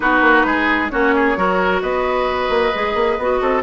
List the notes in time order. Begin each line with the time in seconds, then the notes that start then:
0.00 B3 D#4 F#4 B4
0.21 A#3
0.45 G#3 G#4
0.89 A#3 C#4 F#4 C#5
1.15 G#4
1.36 F#3 F#4 A#4
1.81 B3 B4 D#5
2.49 A#3
2.73 G#3 G#4
2.94 A#3
3.18 B3 F#4
3.41 C4 A4